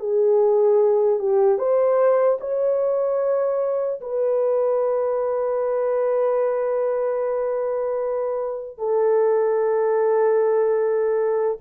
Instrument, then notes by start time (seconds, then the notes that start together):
horn
0.00 G#4
1.20 G4
1.59 C5
2.41 C#5
4.01 B4
8.79 A4